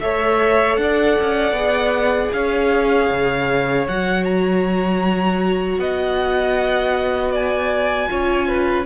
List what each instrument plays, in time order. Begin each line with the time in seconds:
0.00 cello A3, viola A4, violin C#5 E5
0.76 cello D4, violin D5 F#5
1.20 cello C#4
1.52 cello B3, viola G#4
2.33 cello C#4, violin C#5 F5
3.10 cello C#3
3.88 cello F#3, viola F#4, violin F#5
4.24 violin A#5
5.78 cello B3, violin D#5 F#5
7.31 violin D5 G#5
8.08 cello C#4, viola F4, violin C#5
8.48 violin B4